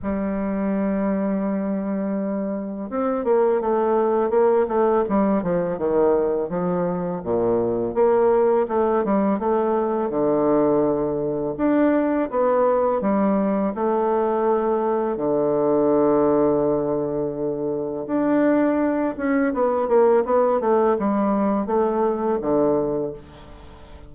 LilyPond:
\new Staff \with { instrumentName = "bassoon" } { \time 4/4 \tempo 4 = 83 g1 | c'8 ais8 a4 ais8 a8 g8 f8 | dis4 f4 ais,4 ais4 | a8 g8 a4 d2 |
d'4 b4 g4 a4~ | a4 d2.~ | d4 d'4. cis'8 b8 ais8 | b8 a8 g4 a4 d4 | }